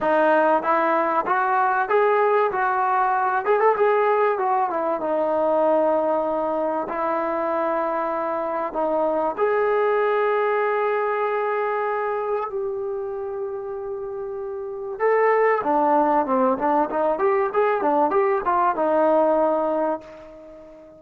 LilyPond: \new Staff \with { instrumentName = "trombone" } { \time 4/4 \tempo 4 = 96 dis'4 e'4 fis'4 gis'4 | fis'4. gis'16 a'16 gis'4 fis'8 e'8 | dis'2. e'4~ | e'2 dis'4 gis'4~ |
gis'1 | g'1 | a'4 d'4 c'8 d'8 dis'8 g'8 | gis'8 d'8 g'8 f'8 dis'2 | }